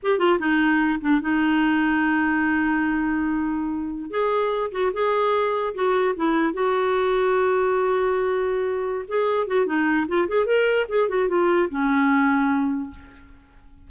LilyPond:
\new Staff \with { instrumentName = "clarinet" } { \time 4/4 \tempo 4 = 149 g'8 f'8 dis'4. d'8 dis'4~ | dis'1~ | dis'2~ dis'16 gis'4. fis'16~ | fis'16 gis'2 fis'4 e'8.~ |
e'16 fis'2.~ fis'8.~ | fis'2~ fis'8 gis'4 fis'8 | dis'4 f'8 gis'8 ais'4 gis'8 fis'8 | f'4 cis'2. | }